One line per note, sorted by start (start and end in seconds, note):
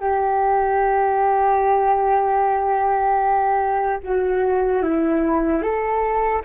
0.00 4.00 G4
4.03 4.83 F#4
4.83 5.62 E4
5.62 6.42 A4